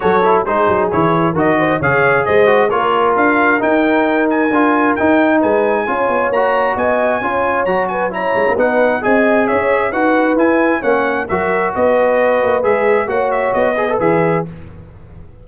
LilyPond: <<
  \new Staff \with { instrumentName = "trumpet" } { \time 4/4 \tempo 4 = 133 cis''4 c''4 cis''4 dis''4 | f''4 dis''4 cis''4 f''4 | g''4. gis''4. g''4 | gis''2 ais''4 gis''4~ |
gis''4 ais''8 gis''8 ais''4 fis''4 | gis''4 e''4 fis''4 gis''4 | fis''4 e''4 dis''2 | e''4 fis''8 e''8 dis''4 e''4 | }
  \new Staff \with { instrumentName = "horn" } { \time 4/4 a'4 gis'2 ais'8 c''8 | cis''4 c''4 ais'2~ | ais'1 | b'4 cis''2 dis''4 |
cis''4. b'8 cis''4 b'4 | dis''4 cis''4 b'2 | cis''4 ais'4 b'2~ | b'4 cis''4. b'4. | }
  \new Staff \with { instrumentName = "trombone" } { \time 4/4 fis'8 e'8 dis'4 e'4 fis'4 | gis'4. fis'8 f'2 | dis'2 f'4 dis'4~ | dis'4 f'4 fis'2 |
f'4 fis'4 e'4 dis'4 | gis'2 fis'4 e'4 | cis'4 fis'2. | gis'4 fis'4. gis'16 a'16 gis'4 | }
  \new Staff \with { instrumentName = "tuba" } { \time 4/4 fis4 gis8 fis8 e4 dis4 | cis4 gis4 ais4 d'4 | dis'2 d'4 dis'4 | gis4 cis'8 b8 ais4 b4 |
cis'4 fis4. gis16 ais16 b4 | c'4 cis'4 dis'4 e'4 | ais4 fis4 b4. ais8 | gis4 ais4 b4 e4 | }
>>